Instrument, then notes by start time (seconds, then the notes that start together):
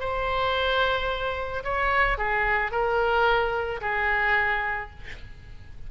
oboe
0.00 C5
1.64 C#5
2.18 G#4
2.71 A#4
3.81 G#4